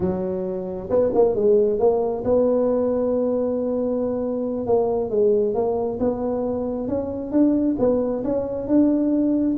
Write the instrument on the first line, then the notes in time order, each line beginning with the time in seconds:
tuba
0.00 F#3
0.89 B3
1.14 A#3
1.35 G#3
1.79 A#3
2.24 B3
4.66 A#3
5.09 G#3
5.54 A#3
5.99 B3
6.88 C#4
7.31 D4
7.79 B3
8.24 C#4
8.67 D4